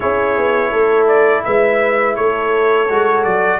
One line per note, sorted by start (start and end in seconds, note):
0.00 0.37 C#4
0.00 2.88 E4
0.00 0.71 G#4
0.00 1.07 C#5
0.37 0.72 B3
0.71 1.44 A3
0.71 1.44 A4
1.07 1.43 D5
1.44 2.17 G#3
1.44 2.18 B4
1.44 2.15 E5
2.15 2.90 A3
2.15 3.60 A4
2.15 3.24 C#5
2.89 3.25 G#3
2.89 3.60 F#4
3.24 3.60 F#3
3.24 3.60 D5